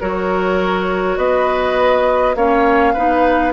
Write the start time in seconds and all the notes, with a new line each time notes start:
0.00 F#3 F#4 A#4 C#5
1.17 B3 B4 D#5
2.35 A#3 C#4 C#5 F5
2.93 B3 D#4 B4